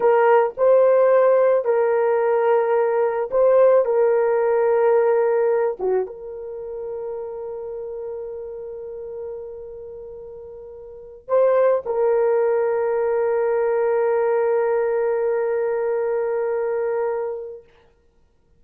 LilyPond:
\new Staff \with { instrumentName = "horn" } { \time 4/4 \tempo 4 = 109 ais'4 c''2 ais'4~ | ais'2 c''4 ais'4~ | ais'2~ ais'8 fis'8 ais'4~ | ais'1~ |
ais'1~ | ais'8 c''4 ais'2~ ais'8~ | ais'1~ | ais'1 | }